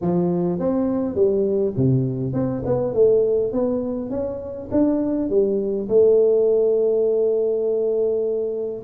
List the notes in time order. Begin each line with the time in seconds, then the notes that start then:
0.01 F3
0.59 C4
1.15 G3
1.76 C3
2.33 C4
2.65 B3
2.93 A3
3.52 B3
4.10 C#4
4.71 D4
5.29 G3
5.88 A3